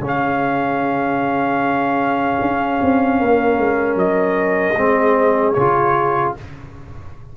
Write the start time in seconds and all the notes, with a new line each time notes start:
0.00 C#3 C#4 G#4
0.07 F5
2.41 C#4
2.82 C4
3.19 A#3 A#4
3.58 G#3
3.96 F#3 D#5
4.76 G#3 C4 G#4
5.53 C#3 F4 C#5